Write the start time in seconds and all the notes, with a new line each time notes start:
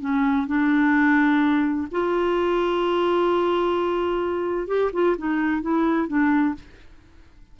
0.00 C#4
0.47 D4
1.92 F4
4.67 G4
4.93 F4
5.18 D#4
5.62 E4
6.08 D4